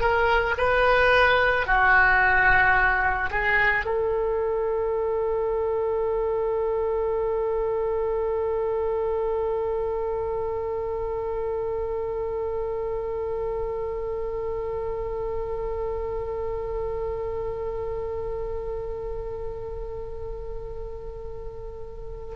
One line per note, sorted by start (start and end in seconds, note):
0.00 0.55 A#4
0.57 1.66 B4
1.66 3.30 F#4
3.30 3.85 G#4
3.85 22.35 A4